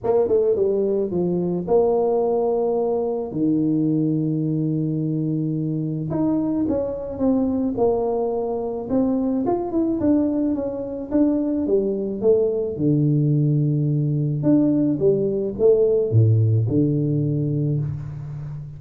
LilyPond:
\new Staff \with { instrumentName = "tuba" } { \time 4/4 \tempo 4 = 108 ais8 a8 g4 f4 ais4~ | ais2 dis2~ | dis2. dis'4 | cis'4 c'4 ais2 |
c'4 f'8 e'8 d'4 cis'4 | d'4 g4 a4 d4~ | d2 d'4 g4 | a4 a,4 d2 | }